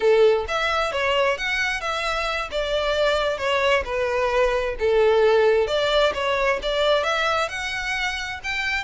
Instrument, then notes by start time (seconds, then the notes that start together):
violin
0.00 A4
0.48 E5
0.92 C#5
1.37 F#5
1.81 E5
2.51 D5
3.37 C#5
3.84 B4
4.79 A4
5.67 D5
6.14 C#5
6.62 D5
7.03 E5
7.49 F#5
8.43 G5